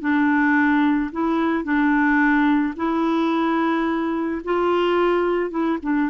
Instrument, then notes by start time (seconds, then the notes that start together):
clarinet
0.00 D4
1.12 E4
1.64 D4
2.76 E4
4.44 F4
5.50 E4
5.82 D4